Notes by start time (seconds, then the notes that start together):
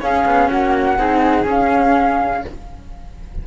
0.00 C#4 G#4 F5
0.25 B3
0.48 A#3 F#4 F#5
0.97 C4 D#4 G#4
1.44 C#4 F5